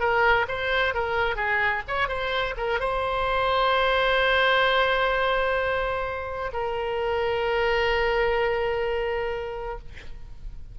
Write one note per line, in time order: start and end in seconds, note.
0.00 0.47 A#4
0.48 0.95 C5
0.95 1.36 A#4
1.36 1.83 G#4
1.88 2.08 C#5
2.08 2.55 C5
2.57 2.80 A#4
2.80 6.52 C5
6.53 9.79 A#4